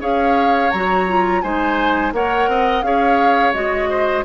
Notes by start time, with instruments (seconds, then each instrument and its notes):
0.00 bassoon C#4, clarinet G#4, oboe C#5, flute F5
0.71 bassoon F#3, clarinet F#4, flute A#5
1.08 clarinet F4
1.42 bassoon G#3, clarinet D#4, oboe C5, flute G#5
2.13 bassoon A#3, clarinet A#4, oboe C#5, flute F#5
2.48 bassoon C4, oboe D#5
2.83 bassoon C#4, clarinet G#4, oboe C#5, flute F5
3.54 bassoon G#3, clarinet F#4, flute D#5
3.90 oboe C5